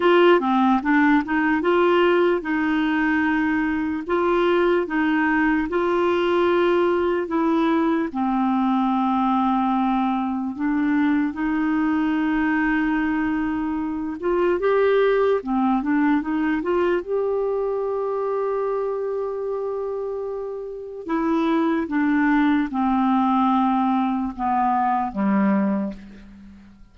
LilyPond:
\new Staff \with { instrumentName = "clarinet" } { \time 4/4 \tempo 4 = 74 f'8 c'8 d'8 dis'8 f'4 dis'4~ | dis'4 f'4 dis'4 f'4~ | f'4 e'4 c'2~ | c'4 d'4 dis'2~ |
dis'4. f'8 g'4 c'8 d'8 | dis'8 f'8 g'2.~ | g'2 e'4 d'4 | c'2 b4 g4 | }